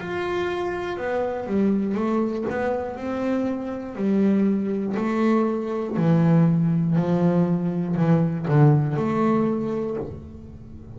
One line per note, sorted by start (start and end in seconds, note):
0.00 0.97 F4
0.97 1.46 B3
1.46 1.95 G3
1.95 2.45 A3
2.50 2.96 B3
2.96 3.95 C4
3.95 4.95 G3
4.96 5.96 A3
5.96 6.96 E3
6.96 7.96 F3
7.96 8.46 E3
8.48 8.96 D3
8.96 9.96 A3